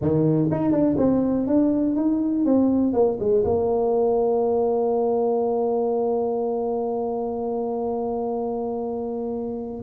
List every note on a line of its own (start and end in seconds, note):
0.01 0.50 D#3
0.51 0.71 D#4
0.71 0.96 D4
0.97 1.46 C4
1.46 1.95 D4
1.96 2.45 D#4
2.45 2.93 C4
2.93 3.17 A#3
3.19 3.44 G#3
3.44 9.82 A#3